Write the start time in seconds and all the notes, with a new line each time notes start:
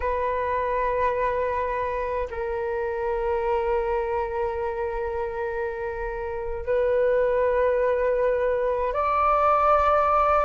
0.00 B4
2.30 A#4
6.65 B4
8.93 D5